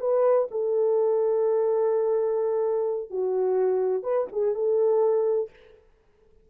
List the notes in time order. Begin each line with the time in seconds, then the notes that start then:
0.00 B4
0.51 A4
3.10 F#4
4.03 B4
4.32 G#4
4.54 A4